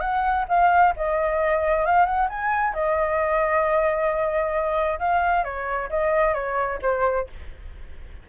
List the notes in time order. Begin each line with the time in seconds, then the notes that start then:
0.00 F#5
0.49 F5
0.97 D#5
1.86 F5
2.06 F#5
2.29 G#5
2.74 D#5
4.99 F5
5.44 C#5
5.90 D#5
6.34 C#5
6.82 C5